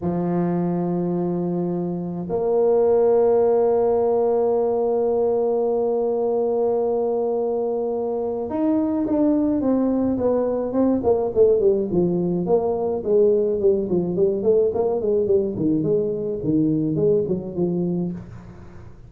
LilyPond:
\new Staff \with { instrumentName = "tuba" } { \time 4/4 \tempo 4 = 106 f1 | ais1~ | ais1~ | ais2. dis'4 |
d'4 c'4 b4 c'8 ais8 | a8 g8 f4 ais4 gis4 | g8 f8 g8 a8 ais8 gis8 g8 dis8 | gis4 dis4 gis8 fis8 f4 | }